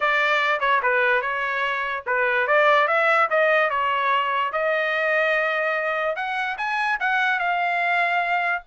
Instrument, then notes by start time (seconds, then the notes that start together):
trumpet
0.00 D5
0.60 C#5
0.82 B4
1.21 C#5
2.06 B4
2.47 D5
2.87 E5
3.30 D#5
3.70 C#5
4.52 D#5
6.16 F#5
6.57 G#5
7.00 F#5
7.39 F5